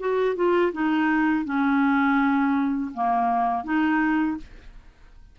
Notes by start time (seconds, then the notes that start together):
0.00 F#4
0.36 F4
0.73 D#4
1.45 C#4
2.94 A#3
3.64 D#4